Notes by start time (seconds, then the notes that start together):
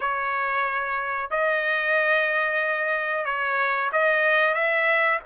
0.00 C#5
1.30 D#5
3.25 C#5
3.92 D#5
4.54 E5